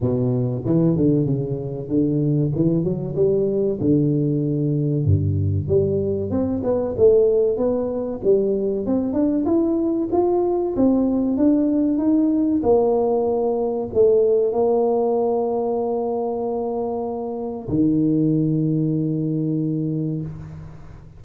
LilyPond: \new Staff \with { instrumentName = "tuba" } { \time 4/4 \tempo 4 = 95 b,4 e8 d8 cis4 d4 | e8 fis8 g4 d2 | g,4 g4 c'8 b8 a4 | b4 g4 c'8 d'8 e'4 |
f'4 c'4 d'4 dis'4 | ais2 a4 ais4~ | ais1 | dis1 | }